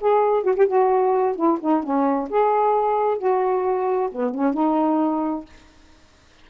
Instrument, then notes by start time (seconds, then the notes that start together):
saxophone
0.00 G#4
0.43 F#4
0.56 G4
0.66 F#4
1.35 E4
1.60 D#4
1.83 C#4
2.29 G#4
3.18 F#4
4.11 B3
4.34 C#4
4.53 D#4